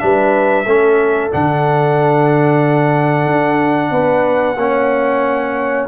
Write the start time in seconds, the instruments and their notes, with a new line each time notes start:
0.00 tuba G3, trombone D4, horn B4, trumpet E5
0.66 tuba A3, trombone C#4, horn A4
1.31 tuba D3, trombone D4, trumpet F#5
3.26 tuba D4
3.91 tuba B3, horn B4
4.56 tuba A#3, trombone C#4, horn C#5